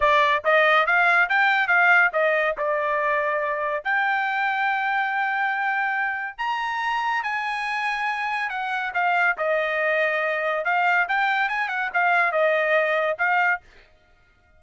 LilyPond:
\new Staff \with { instrumentName = "trumpet" } { \time 4/4 \tempo 4 = 141 d''4 dis''4 f''4 g''4 | f''4 dis''4 d''2~ | d''4 g''2.~ | g''2. ais''4~ |
ais''4 gis''2. | fis''4 f''4 dis''2~ | dis''4 f''4 g''4 gis''8 fis''8 | f''4 dis''2 f''4 | }